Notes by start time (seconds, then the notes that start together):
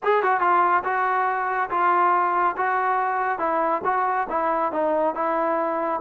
0.03 G#4
0.23 F#4
0.40 F4
0.84 F#4
1.69 F4
2.56 F#4
3.38 E4
3.84 F#4
4.29 E4
4.71 D#4
5.14 E4